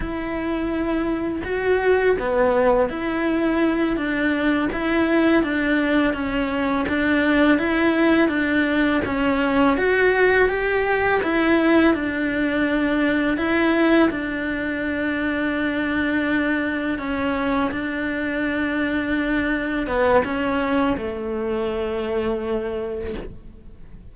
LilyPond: \new Staff \with { instrumentName = "cello" } { \time 4/4 \tempo 4 = 83 e'2 fis'4 b4 | e'4. d'4 e'4 d'8~ | d'8 cis'4 d'4 e'4 d'8~ | d'8 cis'4 fis'4 g'4 e'8~ |
e'8 d'2 e'4 d'8~ | d'2.~ d'8 cis'8~ | cis'8 d'2. b8 | cis'4 a2. | }